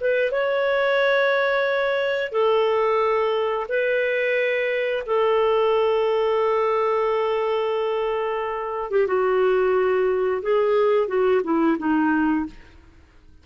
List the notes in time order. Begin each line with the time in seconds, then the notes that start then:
0.00 B4
0.31 C#5
2.32 A4
3.68 B4
5.06 A4
8.91 G4
9.07 F#4
10.42 G#4
11.07 F#4
11.44 E4
11.78 D#4